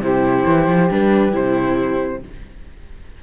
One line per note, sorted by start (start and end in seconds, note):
0.00 0.44 C3
0.00 0.89 E4
0.00 2.22 G4
0.00 0.91 C5
0.46 0.67 E3
0.67 0.89 F3
0.89 1.34 G3
0.89 1.31 D4
0.89 1.34 B4
1.31 2.22 C3
1.31 2.20 E4
1.31 2.22 C5